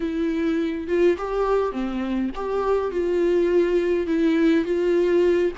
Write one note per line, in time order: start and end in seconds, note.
0.00 0.87 E4
0.87 1.17 F4
1.17 1.72 G4
1.72 2.30 C4
2.35 2.91 G4
2.91 4.06 F4
4.06 4.64 E4
4.64 5.52 F4